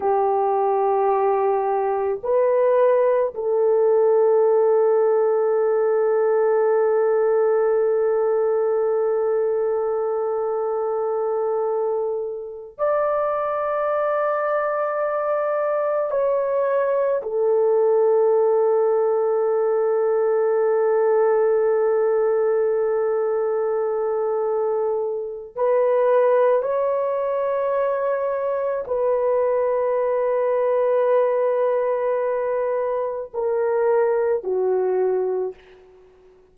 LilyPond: \new Staff \with { instrumentName = "horn" } { \time 4/4 \tempo 4 = 54 g'2 b'4 a'4~ | a'1~ | a'2.~ a'8 d''8~ | d''2~ d''8 cis''4 a'8~ |
a'1~ | a'2. b'4 | cis''2 b'2~ | b'2 ais'4 fis'4 | }